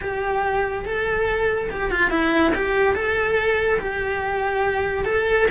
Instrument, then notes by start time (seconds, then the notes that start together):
cello
0.01 G4
0.85 A4
1.70 G4
1.90 F4
2.10 E4
2.54 G4
2.94 A4
3.79 G4
5.04 A4